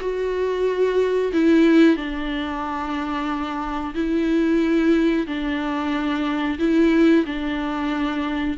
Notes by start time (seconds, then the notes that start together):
0.00 F#4
1.33 E4
1.96 D4
3.94 E4
5.27 D4
6.59 E4
7.26 D4